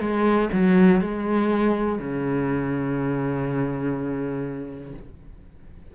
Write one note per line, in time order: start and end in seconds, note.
0.00 0.49 G#3
0.53 1.01 F#3
1.01 1.99 G#3
1.99 4.94 C#3